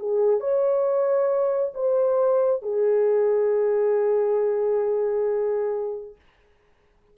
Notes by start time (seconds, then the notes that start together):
0.00 G#4
0.41 C#5
1.74 C5
2.63 G#4